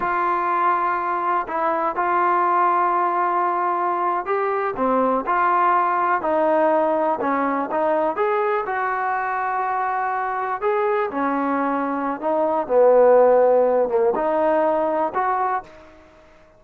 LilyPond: \new Staff \with { instrumentName = "trombone" } { \time 4/4 \tempo 4 = 123 f'2. e'4 | f'1~ | f'8. g'4 c'4 f'4~ f'16~ | f'8. dis'2 cis'4 dis'16~ |
dis'8. gis'4 fis'2~ fis'16~ | fis'4.~ fis'16 gis'4 cis'4~ cis'16~ | cis'4 dis'4 b2~ | b8 ais8 dis'2 fis'4 | }